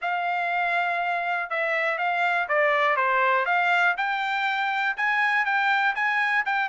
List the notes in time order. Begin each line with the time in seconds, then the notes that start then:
0.01 F5
1.49 E5
1.98 F5
2.48 D5
2.96 C5
3.45 F5
3.97 G5
4.96 G#5
5.45 G5
5.95 G#5
6.45 G5